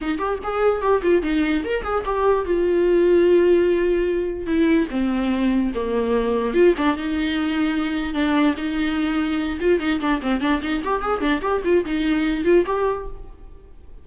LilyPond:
\new Staff \with { instrumentName = "viola" } { \time 4/4 \tempo 4 = 147 dis'8 g'8 gis'4 g'8 f'8 dis'4 | ais'8 gis'8 g'4 f'2~ | f'2. e'4 | c'2 ais2 |
f'8 d'8 dis'2. | d'4 dis'2~ dis'8 f'8 | dis'8 d'8 c'8 d'8 dis'8 g'8 gis'8 d'8 | g'8 f'8 dis'4. f'8 g'4 | }